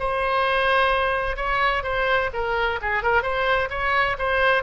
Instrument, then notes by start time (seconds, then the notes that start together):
oboe
0.00 C5
1.37 C#5
1.84 C5
2.34 A#4
2.82 G#4
3.03 A#4
3.23 C5
3.71 C#5
4.19 C5